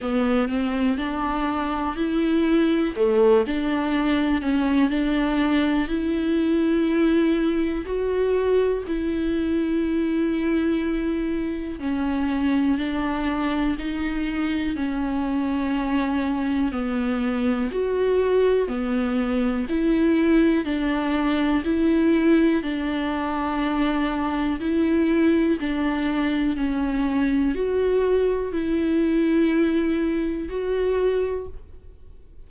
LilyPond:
\new Staff \with { instrumentName = "viola" } { \time 4/4 \tempo 4 = 61 b8 c'8 d'4 e'4 a8 d'8~ | d'8 cis'8 d'4 e'2 | fis'4 e'2. | cis'4 d'4 dis'4 cis'4~ |
cis'4 b4 fis'4 b4 | e'4 d'4 e'4 d'4~ | d'4 e'4 d'4 cis'4 | fis'4 e'2 fis'4 | }